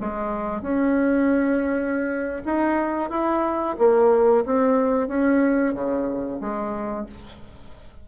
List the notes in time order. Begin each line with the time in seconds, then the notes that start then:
0.00 G#3
0.61 C#4
2.45 D#4
3.10 E4
3.78 A#3
4.45 C4
5.08 C#4
5.74 C#3
6.40 G#3